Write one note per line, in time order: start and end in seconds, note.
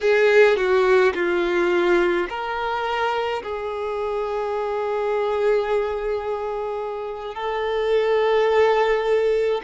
0.01 0.56 G#4
0.56 1.13 F#4
1.14 2.27 F4
2.29 3.42 A#4
3.42 7.34 G#4
7.34 9.61 A4